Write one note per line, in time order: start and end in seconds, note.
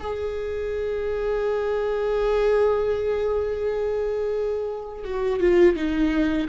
0.00 5.04 G#4
5.04 5.40 F#4
5.40 5.76 F4
5.76 6.48 D#4